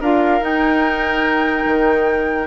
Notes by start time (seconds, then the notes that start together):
0.00 D4 F4 A#4 F5
0.41 D#4 G5
1.65 D#3